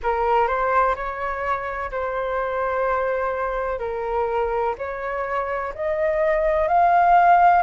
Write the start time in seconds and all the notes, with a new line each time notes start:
0.03 A#4
0.47 C5
0.95 C#5
1.90 C5
3.79 A#4
4.78 C#5
5.74 D#5
6.68 F5